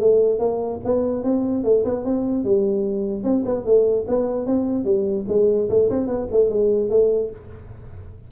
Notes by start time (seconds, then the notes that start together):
0.00 A3
0.39 A#3
0.84 B3
1.23 C4
1.64 A3
1.84 B3
2.04 C4
2.44 G3
3.23 C4
3.45 B3
3.65 A3
4.08 B3
4.46 C4
4.84 G3
5.28 G#3
5.69 A3
5.90 C4
6.07 B3
6.31 A3
6.49 G#3
6.90 A3